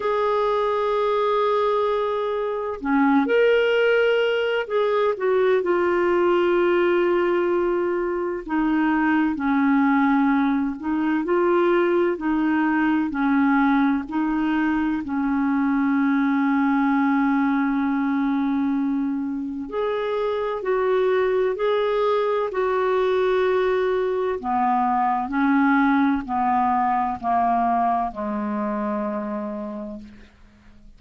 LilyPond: \new Staff \with { instrumentName = "clarinet" } { \time 4/4 \tempo 4 = 64 gis'2. cis'8 ais'8~ | ais'4 gis'8 fis'8 f'2~ | f'4 dis'4 cis'4. dis'8 | f'4 dis'4 cis'4 dis'4 |
cis'1~ | cis'4 gis'4 fis'4 gis'4 | fis'2 b4 cis'4 | b4 ais4 gis2 | }